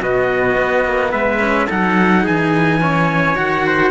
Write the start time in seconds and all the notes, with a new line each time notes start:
0.00 B2 B3 F#4 D#5
0.57 B3
0.85 A#3
1.11 G#3 B4 E5
1.40 C#4
1.67 F#3 D#4 A4 F#5
2.23 E3 G#4 G#5
2.81 C#4 C#5
3.35 D#3 F#4 F#5
3.66 C5